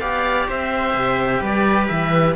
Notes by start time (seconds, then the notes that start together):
0.00 B3 G4 D5 F5
0.48 C4 C5 E5
0.94 C3
1.41 G3 B4 D5
1.88 E3 E5